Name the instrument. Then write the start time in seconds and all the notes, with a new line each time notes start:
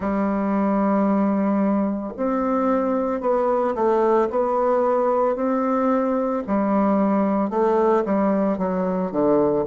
bassoon
0.00 G3
2.16 C4
3.20 B3
3.75 A3
4.30 B3
5.35 C4
6.47 G3
7.50 A3
8.05 G3
8.58 F#3
9.11 D3